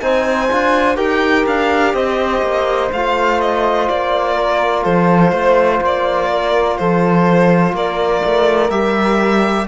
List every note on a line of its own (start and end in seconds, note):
0.00 0.51 C4
0.00 0.49 D#4
0.00 0.97 C5
0.00 0.97 G#5
0.51 0.97 D4
0.51 0.97 F4
0.97 1.46 D#4
0.97 2.90 G4
0.97 1.94 A#4
0.97 1.46 G5
1.46 1.94 D4
1.46 1.95 F5
1.94 2.42 C4
1.94 4.35 C5
1.94 2.92 D#5
2.42 2.91 A#3
2.93 3.89 A3
2.93 8.71 F4
2.93 3.41 F5
3.41 3.89 D#5
3.89 4.86 A#3
3.89 4.84 D5
4.35 4.83 A#4
4.84 5.32 F3
4.84 5.32 A4
4.84 5.81 C5
5.32 5.81 A3
5.32 6.29 C5
5.81 6.78 A#3
5.81 6.78 D5
6.31 6.79 A#4
6.78 7.73 F3
6.78 7.76 A4
6.78 7.75 C5
7.73 8.22 A#3
7.73 9.69 A#4
7.73 8.71 D5
8.26 8.70 A3
8.70 9.67 G3
8.70 9.68 G4
8.70 9.67 E5